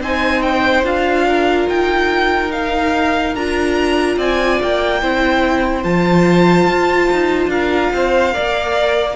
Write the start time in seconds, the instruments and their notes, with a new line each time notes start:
0.00 cello C4, viola D#4, violin C5 G#5
0.42 violin G5
0.84 cello D4, viola F4, violin F5
1.28 violin A#4
1.69 cello D#4, violin G5
2.51 viola D#4, violin F5
3.35 cello D4, viola F4, violin A#5
4.16 cello C4, violin D5 G#5
4.62 cello A#3, violin G5
5.01 cello C4, viola E4, violin C5
5.84 cello F3, viola F4, violin A5
6.68 cello F4
7.12 cello D#4
7.47 cello D4, violin A#4 F5
7.92 cello C4, violin C5
8.32 cello A#3, viola A#4, violin D5